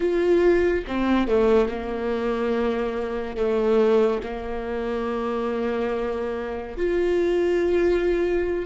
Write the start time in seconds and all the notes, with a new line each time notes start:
0.00 F4
0.87 C4
1.27 A3
1.68 A#3
3.36 A3
4.23 A#3
6.77 F4